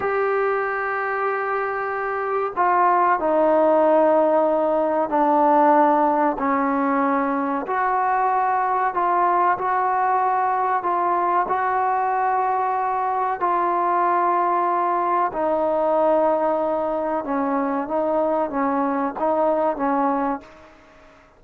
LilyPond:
\new Staff \with { instrumentName = "trombone" } { \time 4/4 \tempo 4 = 94 g'1 | f'4 dis'2. | d'2 cis'2 | fis'2 f'4 fis'4~ |
fis'4 f'4 fis'2~ | fis'4 f'2. | dis'2. cis'4 | dis'4 cis'4 dis'4 cis'4 | }